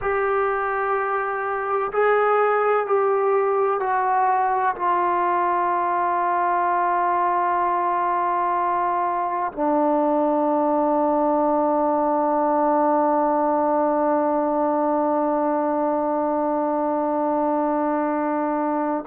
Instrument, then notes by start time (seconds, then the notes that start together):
trombone
0.01 G4
1.92 G#4
2.86 G4
3.80 F#4
4.75 F4
9.52 D4